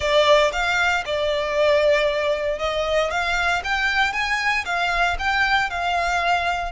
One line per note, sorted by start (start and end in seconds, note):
0.00 0.51 D5
0.52 1.04 F5
1.05 2.59 D5
2.59 3.10 D#5
3.10 3.62 F5
3.64 4.12 G5
4.12 4.64 G#5
4.65 5.17 F5
5.18 5.70 G5
5.70 6.72 F5